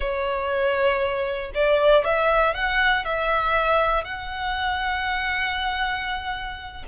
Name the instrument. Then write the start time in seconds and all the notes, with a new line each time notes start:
violin
0.00 C#5
1.54 D5
2.04 E5
2.54 F#5
3.04 E5
4.04 F#5